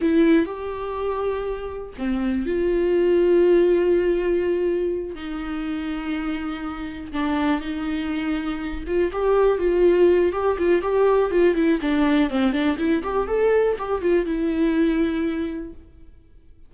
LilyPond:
\new Staff \with { instrumentName = "viola" } { \time 4/4 \tempo 4 = 122 e'4 g'2. | c'4 f'2.~ | f'2~ f'8 dis'4.~ | dis'2~ dis'8 d'4 dis'8~ |
dis'2 f'8 g'4 f'8~ | f'4 g'8 f'8 g'4 f'8 e'8 | d'4 c'8 d'8 e'8 g'8 a'4 | g'8 f'8 e'2. | }